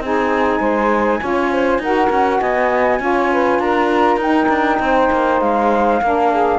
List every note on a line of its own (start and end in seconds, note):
0.00 0.60 C4
0.00 1.21 D#4
0.00 0.60 G#4
0.00 1.83 G#5
0.60 1.20 G#3
0.60 1.20 C5
1.21 1.79 C#4
1.21 1.81 F4
1.21 1.51 C#5
1.52 1.81 C5
1.79 2.09 D#4
1.79 3.00 F#4
1.79 2.41 A#4
1.79 2.41 F#5
2.10 2.40 C#4
2.41 3.00 B3
2.41 3.01 D#5
2.41 3.60 G#5
3.00 3.60 C#4
3.00 4.20 F4
3.00 3.32 C#5
3.32 3.62 B4
3.60 4.17 D4
3.60 4.82 A#4
3.60 4.20 A#5
4.17 4.47 D#4
4.17 6.02 D#4
4.17 5.41 G5
4.49 4.79 D4
4.80 5.10 C4
4.80 6.03 C5
5.12 5.42 A#3
5.41 6.02 G#3
5.41 6.60 F5
6.02 6.60 A#3
6.02 6.60 D4
6.02 6.32 A#4
6.32 6.60 G#4